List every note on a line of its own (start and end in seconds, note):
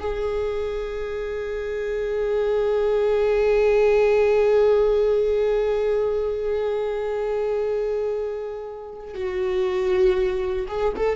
0.00 9.15 G#4
9.15 10.68 F#4
10.68 10.94 G#4
10.97 11.16 A4